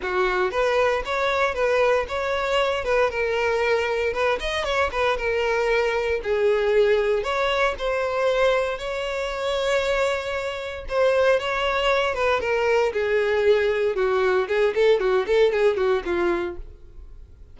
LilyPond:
\new Staff \with { instrumentName = "violin" } { \time 4/4 \tempo 4 = 116 fis'4 b'4 cis''4 b'4 | cis''4. b'8 ais'2 | b'8 dis''8 cis''8 b'8 ais'2 | gis'2 cis''4 c''4~ |
c''4 cis''2.~ | cis''4 c''4 cis''4. b'8 | ais'4 gis'2 fis'4 | gis'8 a'8 fis'8 a'8 gis'8 fis'8 f'4 | }